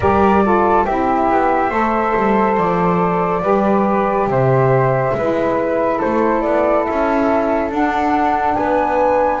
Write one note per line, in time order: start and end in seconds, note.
0.00 0.85 G3
0.00 0.43 G4
0.00 0.43 A#4
0.00 0.84 D5
0.43 0.86 F4
0.43 0.85 A4
0.84 1.30 C4
0.84 1.71 E4
0.84 1.70 G4
0.84 2.56 E5
1.30 1.70 B3
1.70 2.13 A3
1.70 3.41 A4
1.70 3.41 C5
2.16 2.57 G3
2.57 3.42 F3
2.57 4.28 D5
3.41 4.26 G3
3.41 5.12 G4
3.41 4.28 B4
4.26 5.12 C3
4.26 5.16 C5
4.26 6.00 E5
5.14 5.99 G#3
5.14 7.70 E4
5.14 5.97 B4
5.97 8.55 A4
5.97 6.41 C5
6.04 6.44 A3
6.41 6.87 B3
6.41 6.84 D5
6.84 7.71 C#4
6.84 7.70 E5
7.70 9.40 D4
7.70 8.56 D4
7.70 8.55 F#5
8.55 9.40 B3
8.55 9.40 B4
8.55 9.40 G#5